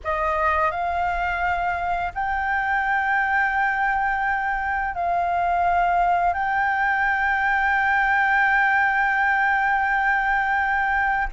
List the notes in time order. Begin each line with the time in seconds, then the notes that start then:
0.04 D#5
0.71 F5
2.14 G5
4.94 F5
6.33 G5